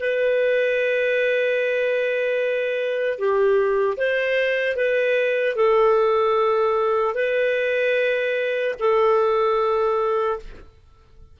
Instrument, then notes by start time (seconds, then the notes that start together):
clarinet
0.00 B4
3.19 G4
3.98 C5
4.76 B4
5.56 A4
7.15 B4
8.80 A4